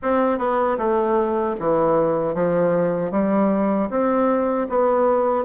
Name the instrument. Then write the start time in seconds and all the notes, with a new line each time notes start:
bassoon
0.02 C4
0.38 B3
0.78 A3
1.59 E3
2.34 F3
3.11 G3
3.90 C4
4.69 B3